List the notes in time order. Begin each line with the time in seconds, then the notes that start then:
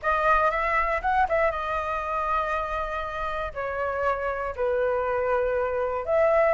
0.02 D#5
0.50 E5
1.01 F#5
1.28 E5
1.51 D#5
3.53 C#5
4.55 B4
6.05 E5